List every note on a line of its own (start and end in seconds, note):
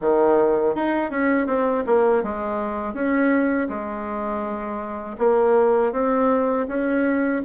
0.01 0.75 D#3
0.75 1.10 D#4
1.10 1.46 C#4
1.46 1.84 C4
1.86 2.23 A#3
2.23 2.94 G#3
2.94 3.68 C#4
3.68 5.16 G#3
5.18 5.92 A#3
5.92 6.66 C4
6.67 7.41 C#4